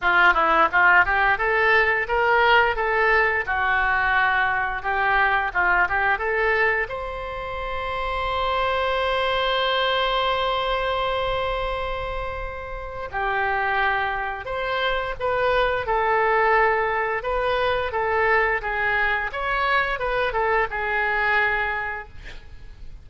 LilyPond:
\new Staff \with { instrumentName = "oboe" } { \time 4/4 \tempo 4 = 87 f'8 e'8 f'8 g'8 a'4 ais'4 | a'4 fis'2 g'4 | f'8 g'8 a'4 c''2~ | c''1~ |
c''2. g'4~ | g'4 c''4 b'4 a'4~ | a'4 b'4 a'4 gis'4 | cis''4 b'8 a'8 gis'2 | }